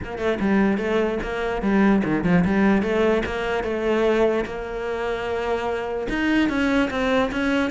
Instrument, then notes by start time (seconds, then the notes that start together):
cello
0.04 A#3
0.18 A3
0.40 G3
0.77 A3
1.23 A#3
1.61 G3
2.04 D#3
2.24 F3
2.44 G3
2.82 A3
3.25 A#3
3.63 A3
4.45 A#3
6.09 D#4
6.49 C#4
6.90 C4
7.31 C#4